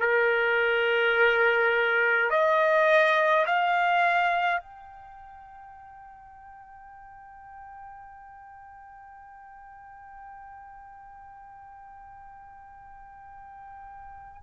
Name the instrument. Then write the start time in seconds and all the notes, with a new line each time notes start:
trumpet
0.00 A#4
2.30 D#5
3.46 F5
4.61 G5